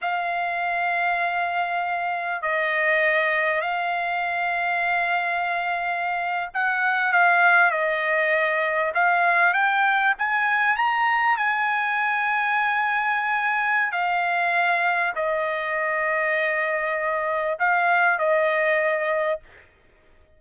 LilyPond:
\new Staff \with { instrumentName = "trumpet" } { \time 4/4 \tempo 4 = 99 f''1 | dis''2 f''2~ | f''2~ f''8. fis''4 f''16~ | f''8. dis''2 f''4 g''16~ |
g''8. gis''4 ais''4 gis''4~ gis''16~ | gis''2. f''4~ | f''4 dis''2.~ | dis''4 f''4 dis''2 | }